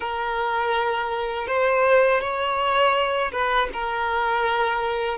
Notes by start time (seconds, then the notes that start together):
0.00 A#4
1.46 C5
2.20 C#5
3.31 B4
3.73 A#4